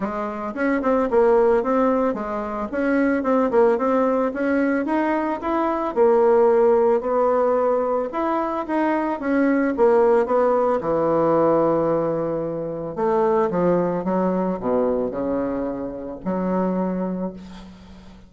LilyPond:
\new Staff \with { instrumentName = "bassoon" } { \time 4/4 \tempo 4 = 111 gis4 cis'8 c'8 ais4 c'4 | gis4 cis'4 c'8 ais8 c'4 | cis'4 dis'4 e'4 ais4~ | ais4 b2 e'4 |
dis'4 cis'4 ais4 b4 | e1 | a4 f4 fis4 b,4 | cis2 fis2 | }